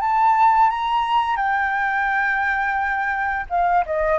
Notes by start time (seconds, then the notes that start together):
0.00 A5
0.70 A#5
1.36 G5
3.49 F5
3.85 D#5